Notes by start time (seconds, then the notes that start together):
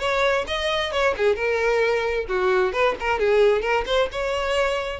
0.00 C#5
0.47 D#5
0.92 C#5
1.18 G#4
1.36 A#4
2.29 F#4
2.73 B4
3.00 A#4
3.19 G#4
3.62 A#4
3.86 C5
4.12 C#5